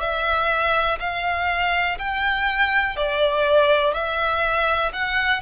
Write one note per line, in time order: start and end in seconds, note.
0.00 0.98 E5
1.00 1.98 F5
1.98 2.96 G5
2.96 3.94 D5
3.94 4.92 E5
4.93 5.41 F#5